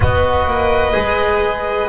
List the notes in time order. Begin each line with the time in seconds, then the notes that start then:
0.00 B3 F#4 B4 D#5
0.46 A#3
0.92 G#3 G#4